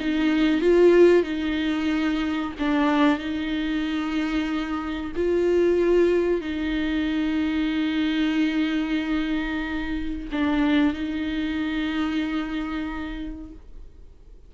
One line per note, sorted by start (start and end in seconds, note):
0.00 0.61 D#4
0.61 1.23 F4
1.23 2.52 D#4
2.59 3.19 D4
3.19 5.12 D#4
5.16 6.41 F4
6.41 10.28 D#4
10.32 10.94 D4
10.94 13.52 D#4